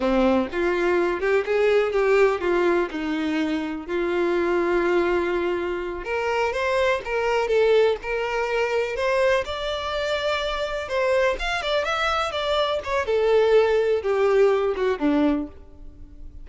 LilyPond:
\new Staff \with { instrumentName = "violin" } { \time 4/4 \tempo 4 = 124 c'4 f'4. g'8 gis'4 | g'4 f'4 dis'2 | f'1~ | f'8 ais'4 c''4 ais'4 a'8~ |
a'8 ais'2 c''4 d''8~ | d''2~ d''8 c''4 f''8 | d''8 e''4 d''4 cis''8 a'4~ | a'4 g'4. fis'8 d'4 | }